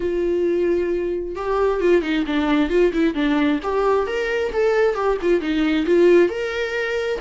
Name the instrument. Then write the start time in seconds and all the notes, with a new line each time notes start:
viola
0.00 F4
1.35 G4
1.80 F4
2.02 D#4
2.26 D4
2.69 F4
2.93 E4
3.14 D4
3.63 G4
4.06 A#4
4.52 A4
4.94 G4
5.21 F4
5.40 D#4
5.85 F4
6.29 A#4